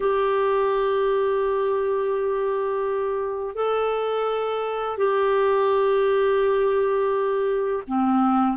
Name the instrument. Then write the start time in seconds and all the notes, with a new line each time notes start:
clarinet
0.00 G4
3.55 A4
4.97 G4
7.87 C4